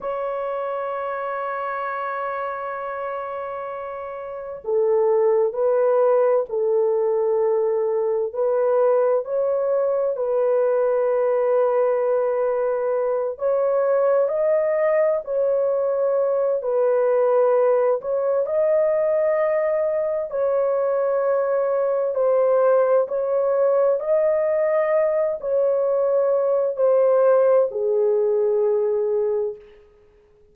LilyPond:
\new Staff \with { instrumentName = "horn" } { \time 4/4 \tempo 4 = 65 cis''1~ | cis''4 a'4 b'4 a'4~ | a'4 b'4 cis''4 b'4~ | b'2~ b'8 cis''4 dis''8~ |
dis''8 cis''4. b'4. cis''8 | dis''2 cis''2 | c''4 cis''4 dis''4. cis''8~ | cis''4 c''4 gis'2 | }